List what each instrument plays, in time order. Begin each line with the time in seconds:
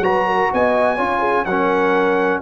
0.00 tuba F#3, trombone F#4, horn B4, trumpet A#5
0.26 horn A#4
0.53 tuba B3, horn D#5, trumpet G#5
0.96 tuba C#4, trombone F4, horn C#5
1.20 horn G#4
1.45 tuba F#3, trombone C#4, horn A#4, trumpet F#5